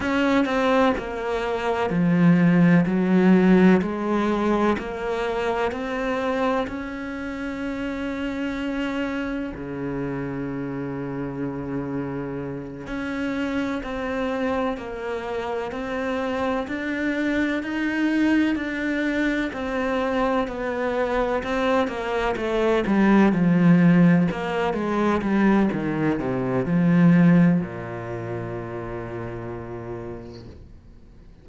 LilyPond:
\new Staff \with { instrumentName = "cello" } { \time 4/4 \tempo 4 = 63 cis'8 c'8 ais4 f4 fis4 | gis4 ais4 c'4 cis'4~ | cis'2 cis2~ | cis4. cis'4 c'4 ais8~ |
ais8 c'4 d'4 dis'4 d'8~ | d'8 c'4 b4 c'8 ais8 a8 | g8 f4 ais8 gis8 g8 dis8 c8 | f4 ais,2. | }